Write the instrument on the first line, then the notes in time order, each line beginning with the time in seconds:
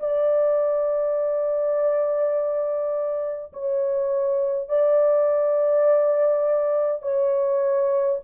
horn
0.00 D5
3.53 C#5
4.69 D5
7.02 C#5